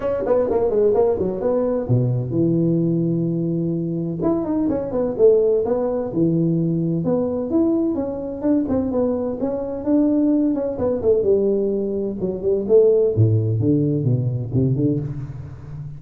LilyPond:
\new Staff \with { instrumentName = "tuba" } { \time 4/4 \tempo 4 = 128 cis'8 b8 ais8 gis8 ais8 fis8 b4 | b,4 e2.~ | e4 e'8 dis'8 cis'8 b8 a4 | b4 e2 b4 |
e'4 cis'4 d'8 c'8 b4 | cis'4 d'4. cis'8 b8 a8 | g2 fis8 g8 a4 | a,4 d4 b,4 c8 d8 | }